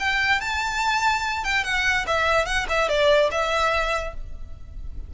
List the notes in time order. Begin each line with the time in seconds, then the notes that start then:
0.00 G5
0.41 A5
1.45 G5
1.65 F#5
2.07 E5
2.46 F#5
2.70 E5
2.89 D5
3.32 E5